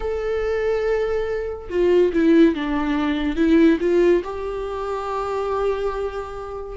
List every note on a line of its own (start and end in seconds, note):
0.00 1.69 A4
1.69 2.11 F4
2.13 2.54 E4
2.54 3.36 D4
3.36 3.78 E4
3.80 4.23 F4
4.23 6.76 G4